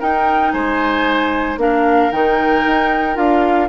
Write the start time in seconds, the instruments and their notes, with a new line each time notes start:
0.00 clarinet D#4, bassoon D#4, oboe A#4, flute G5
0.52 bassoon G#3, oboe C5, flute G#5
1.57 bassoon A#3, clarinet D4, oboe A#4, flute F5
2.12 bassoon D#3, clarinet D#4, flute G5
2.67 bassoon D#4
3.15 bassoon D4, clarinet F4, flute F5